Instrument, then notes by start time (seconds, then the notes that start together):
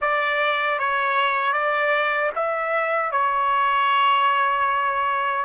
trumpet
0.01 D5
0.79 C#5
1.52 D5
2.36 E5
3.11 C#5